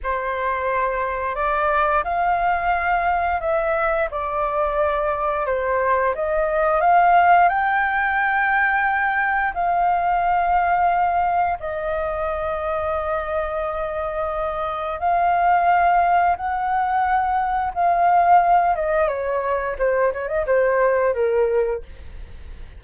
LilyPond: \new Staff \with { instrumentName = "flute" } { \time 4/4 \tempo 4 = 88 c''2 d''4 f''4~ | f''4 e''4 d''2 | c''4 dis''4 f''4 g''4~ | g''2 f''2~ |
f''4 dis''2.~ | dis''2 f''2 | fis''2 f''4. dis''8 | cis''4 c''8 cis''16 dis''16 c''4 ais'4 | }